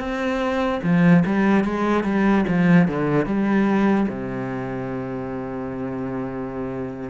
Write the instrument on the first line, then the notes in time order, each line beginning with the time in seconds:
cello
0.00 C4
0.83 F3
1.26 G3
1.65 G#3
2.04 G3
2.48 F3
2.88 D3
3.26 G3
4.09 C3